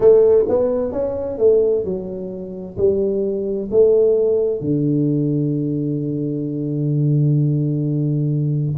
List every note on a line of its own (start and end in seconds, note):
0.00 0.44 A3
0.48 0.92 B3
0.92 1.38 C#4
1.38 1.84 A3
1.84 2.77 F#3
2.77 3.69 G3
3.70 4.60 A3
4.60 8.76 D3